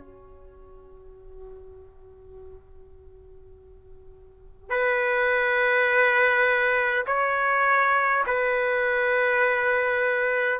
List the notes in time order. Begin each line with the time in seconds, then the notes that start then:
0.00 F#4
4.70 B4
7.07 C#5
8.27 B4